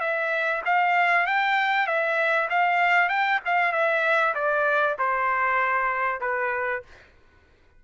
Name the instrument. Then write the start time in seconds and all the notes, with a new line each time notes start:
trumpet
0.00 E5
0.65 F5
1.27 G5
1.87 E5
2.50 F5
3.09 G5
3.45 F5
3.72 E5
4.34 D5
4.98 C5
6.21 B4